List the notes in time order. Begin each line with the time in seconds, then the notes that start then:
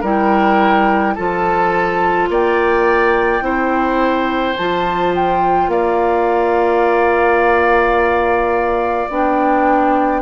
0.00 G3 E4 A#4 G5
1.14 F3 F4 A4 A5
2.29 A#3 D5 G5
3.40 C4 E4 C5
4.56 F3 F4 A5
5.14 G5
5.67 A#3 D5 F5
9.09 B3 D4 G5